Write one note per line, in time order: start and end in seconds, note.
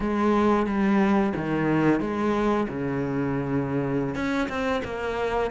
0.00 0.66 G#3
0.66 1.33 G3
1.35 2.00 D#3
2.00 2.67 G#3
2.68 4.15 C#3
4.15 4.48 C#4
4.48 4.82 C4
4.84 5.50 A#3